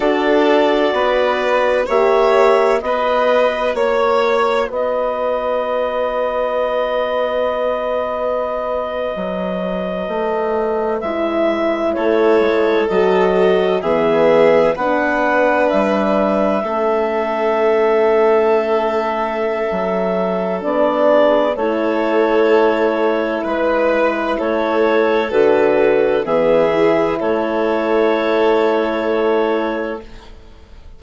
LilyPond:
<<
  \new Staff \with { instrumentName = "clarinet" } { \time 4/4 \tempo 4 = 64 d''2 e''4 dis''4 | cis''4 dis''2.~ | dis''2.~ dis''8. e''16~ | e''8. cis''4 dis''4 e''4 fis''16~ |
fis''8. e''2.~ e''16~ | e''2 d''4 cis''4~ | cis''4 b'4 cis''4 b'4 | e''4 cis''2. | }
  \new Staff \with { instrumentName = "violin" } { \time 4/4 a'4 b'4 cis''4 b'4 | cis''4 b'2.~ | b'1~ | b'8. a'2 gis'4 b'16~ |
b'4.~ b'16 a'2~ a'16~ | a'2~ a'8 gis'8 a'4~ | a'4 b'4 a'2 | gis'4 a'2. | }
  \new Staff \with { instrumentName = "horn" } { \time 4/4 fis'2 g'4 fis'4~ | fis'1~ | fis'2.~ fis'8. e'16~ | e'4.~ e'16 fis'4 b4 d'16~ |
d'4.~ d'16 cis'2~ cis'16~ | cis'2 d'4 e'4~ | e'2. fis'4 | b8 e'2.~ e'8 | }
  \new Staff \with { instrumentName = "bassoon" } { \time 4/4 d'4 b4 ais4 b4 | ais4 b2.~ | b4.~ b16 fis4 a4 gis16~ | gis8. a8 gis8 fis4 e4 b16~ |
b8. g4 a2~ a16~ | a4 fis4 b4 a4~ | a4 gis4 a4 d4 | e4 a2. | }
>>